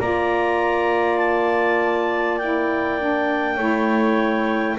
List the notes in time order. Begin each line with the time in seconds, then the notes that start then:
0.00 A#3 F4 D5 A#5
1.18 A5
2.38 E4 G5
3.00 D4
3.56 A3 E4 C#5